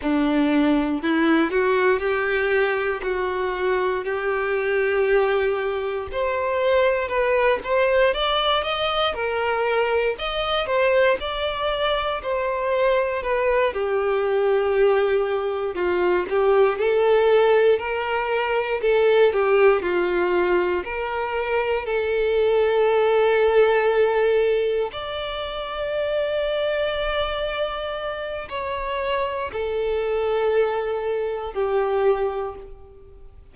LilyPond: \new Staff \with { instrumentName = "violin" } { \time 4/4 \tempo 4 = 59 d'4 e'8 fis'8 g'4 fis'4 | g'2 c''4 b'8 c''8 | d''8 dis''8 ais'4 dis''8 c''8 d''4 | c''4 b'8 g'2 f'8 |
g'8 a'4 ais'4 a'8 g'8 f'8~ | f'8 ais'4 a'2~ a'8~ | a'8 d''2.~ d''8 | cis''4 a'2 g'4 | }